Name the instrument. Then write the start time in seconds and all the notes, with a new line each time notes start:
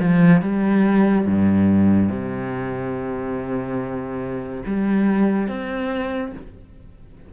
cello
0.00 F3
0.42 G3
1.26 G2
2.09 C3
4.66 G3
5.49 C4